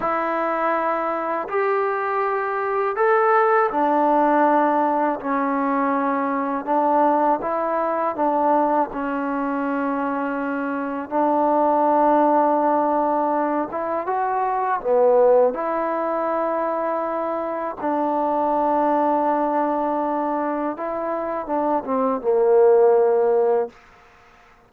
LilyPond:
\new Staff \with { instrumentName = "trombone" } { \time 4/4 \tempo 4 = 81 e'2 g'2 | a'4 d'2 cis'4~ | cis'4 d'4 e'4 d'4 | cis'2. d'4~ |
d'2~ d'8 e'8 fis'4 | b4 e'2. | d'1 | e'4 d'8 c'8 ais2 | }